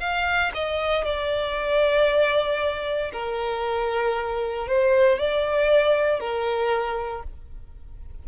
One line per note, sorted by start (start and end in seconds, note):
0.00 0.52 F5
0.55 1.05 D#5
1.05 3.12 D5
3.13 4.68 A#4
4.68 5.19 C5
5.19 6.20 D5
6.20 7.23 A#4